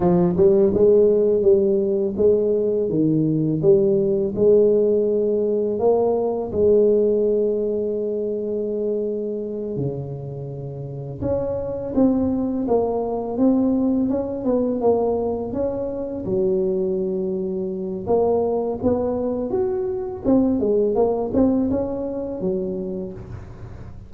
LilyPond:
\new Staff \with { instrumentName = "tuba" } { \time 4/4 \tempo 4 = 83 f8 g8 gis4 g4 gis4 | dis4 g4 gis2 | ais4 gis2.~ | gis4. cis2 cis'8~ |
cis'8 c'4 ais4 c'4 cis'8 | b8 ais4 cis'4 fis4.~ | fis4 ais4 b4 fis'4 | c'8 gis8 ais8 c'8 cis'4 fis4 | }